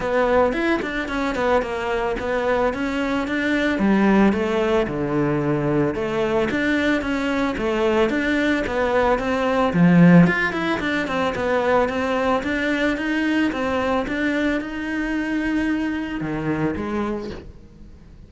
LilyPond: \new Staff \with { instrumentName = "cello" } { \time 4/4 \tempo 4 = 111 b4 e'8 d'8 cis'8 b8 ais4 | b4 cis'4 d'4 g4 | a4 d2 a4 | d'4 cis'4 a4 d'4 |
b4 c'4 f4 f'8 e'8 | d'8 c'8 b4 c'4 d'4 | dis'4 c'4 d'4 dis'4~ | dis'2 dis4 gis4 | }